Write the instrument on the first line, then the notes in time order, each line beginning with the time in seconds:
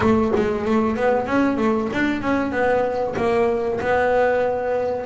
double bass
0.00 A3
0.36 G#3
0.65 A3
0.96 B3
1.26 C#4
1.57 A3
1.92 D4
2.21 C#4
2.51 B3
3.16 A#3
3.80 B3